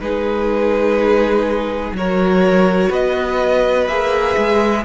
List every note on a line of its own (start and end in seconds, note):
0.00 1.92 G#3
0.00 1.95 D#4
0.00 1.96 G#4
0.00 1.94 B4
1.92 2.89 F#3
1.92 3.88 F#4
1.92 2.89 A#4
1.92 2.92 C#5
2.89 3.87 B3
2.89 4.83 B4
2.89 3.87 D#5
3.87 4.35 A#3
3.87 4.85 G#4
3.87 4.84 E5
4.37 4.85 G#3